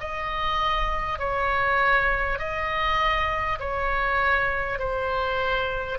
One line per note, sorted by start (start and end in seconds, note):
0.00 1.19 D#5
1.19 2.38 C#5
2.38 3.58 D#5
3.59 4.79 C#5
4.79 5.98 C5